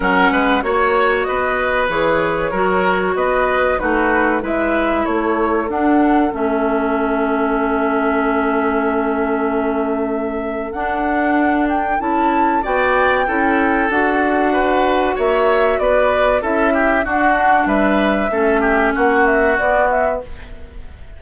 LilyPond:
<<
  \new Staff \with { instrumentName = "flute" } { \time 4/4 \tempo 4 = 95 fis''4 cis''4 dis''4 cis''4~ | cis''4 dis''4 b'4 e''4 | cis''4 fis''4 e''2~ | e''1~ |
e''4 fis''4. g''8 a''4 | g''2 fis''2 | e''4 d''4 e''4 fis''4 | e''2 fis''8 e''8 d''8 e''8 | }
  \new Staff \with { instrumentName = "oboe" } { \time 4/4 ais'8 b'8 cis''4 b'2 | ais'4 b'4 fis'4 b'4 | a'1~ | a'1~ |
a'1 | d''4 a'2 b'4 | cis''4 b'4 a'8 g'8 fis'4 | b'4 a'8 g'8 fis'2 | }
  \new Staff \with { instrumentName = "clarinet" } { \time 4/4 cis'4 fis'2 gis'4 | fis'2 dis'4 e'4~ | e'4 d'4 cis'2~ | cis'1~ |
cis'4 d'2 e'4 | fis'4 e'4 fis'2~ | fis'2 e'4 d'4~ | d'4 cis'2 b4 | }
  \new Staff \with { instrumentName = "bassoon" } { \time 4/4 fis8 gis8 ais4 b4 e4 | fis4 b4 a4 gis4 | a4 d'4 a2~ | a1~ |
a4 d'2 cis'4 | b4 cis'4 d'2 | ais4 b4 cis'4 d'4 | g4 a4 ais4 b4 | }
>>